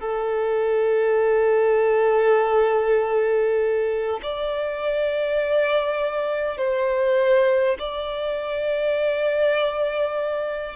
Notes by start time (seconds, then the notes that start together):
0.00 A4
4.22 D5
6.57 C5
7.79 D5